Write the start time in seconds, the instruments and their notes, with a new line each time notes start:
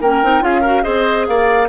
0.00 bassoon A#3, clarinet C#4, oboe A#4, flute G5
0.22 bassoon C4, clarinet D#4
0.41 bassoon C#4, clarinet F4, oboe G#4, flute F5
0.61 clarinet F#4, oboe A#4
0.82 bassoon C4, clarinet G#4, oboe C5, flute D#5
1.27 bassoon A#3, oboe D5, flute F5